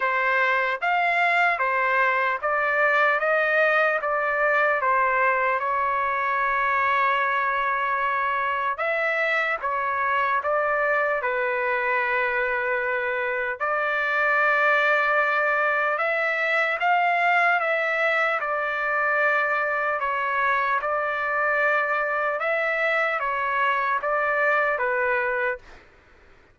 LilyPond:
\new Staff \with { instrumentName = "trumpet" } { \time 4/4 \tempo 4 = 75 c''4 f''4 c''4 d''4 | dis''4 d''4 c''4 cis''4~ | cis''2. e''4 | cis''4 d''4 b'2~ |
b'4 d''2. | e''4 f''4 e''4 d''4~ | d''4 cis''4 d''2 | e''4 cis''4 d''4 b'4 | }